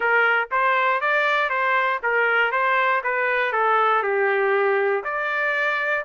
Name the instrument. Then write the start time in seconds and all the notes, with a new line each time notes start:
trumpet
0.00 A#4
0.51 C5
1.00 D5
1.49 C5
2.02 A#4
2.51 C5
3.03 B4
3.52 A4
4.02 G4
5.04 D5